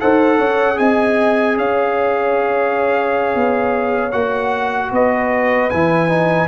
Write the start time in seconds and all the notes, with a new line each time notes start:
0.00 D#4 A4 C5 F#5
0.38 C#4 C#5
0.75 C4 G#4 D#5 G#5
1.57 C#4 C#5 F5
3.35 B3
4.12 A#3 F#4 F#5
4.91 B3 B4 D#5
5.70 E3 E4 G#5
6.09 D#4